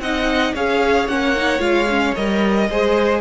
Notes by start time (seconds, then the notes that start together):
0.00 C4 D#4 D#5 F#5
0.54 C#4 G#4 C#5 F5
1.08 A#3 C#4 F#5
1.36 D#4
1.59 G#3 F4 F5
1.90 C#4
2.15 G3 A#4 D#5
2.69 G#3 G#4 C5